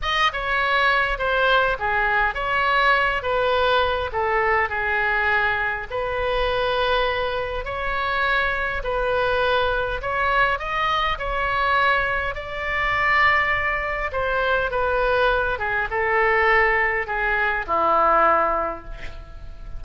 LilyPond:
\new Staff \with { instrumentName = "oboe" } { \time 4/4 \tempo 4 = 102 dis''8 cis''4. c''4 gis'4 | cis''4. b'4. a'4 | gis'2 b'2~ | b'4 cis''2 b'4~ |
b'4 cis''4 dis''4 cis''4~ | cis''4 d''2. | c''4 b'4. gis'8 a'4~ | a'4 gis'4 e'2 | }